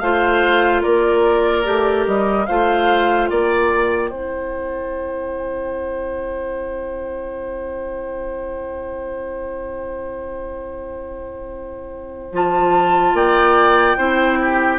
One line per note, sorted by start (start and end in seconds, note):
0.00 0.83 A3
0.00 1.64 F4
0.00 0.83 C5
0.00 0.82 F5
0.83 1.66 A#3
0.83 2.47 A#4
0.83 2.06 D5
1.64 2.07 A3
1.64 2.46 G4
2.07 2.48 G3
2.07 2.46 D#5
2.46 3.30 A3
2.46 4.12 F4
2.46 3.30 C5
2.46 3.27 F5
3.27 4.12 A#3
3.27 4.10 D5
3.27 12.32 G5
4.10 12.33 C4
4.10 12.34 E4
4.10 13.15 C5
12.33 13.14 F3
12.33 13.97 F4
12.33 13.16 A5
13.14 13.96 A#3
13.14 13.98 D5
13.14 14.80 G5
13.97 14.80 C4
13.97 14.80 E4
13.97 14.39 C5
14.42 14.80 G4